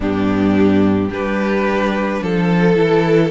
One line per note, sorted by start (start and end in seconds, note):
0.00 1.09 G2
0.00 1.09 B3
0.00 1.09 D4
0.00 1.12 G4
1.09 2.21 G3
1.09 2.75 D4
1.09 2.20 G4
1.09 2.23 B4
2.22 2.76 F3
2.22 3.30 A4
2.75 3.30 E3
2.75 3.30 E4